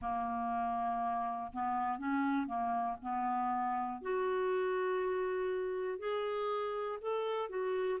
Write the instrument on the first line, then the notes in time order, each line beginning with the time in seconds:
clarinet
0.01 A#3
1.52 B3
1.98 C#4
2.46 A#3
3.01 B3
4.01 F#4
5.98 G#4
7.00 A4
7.49 F#4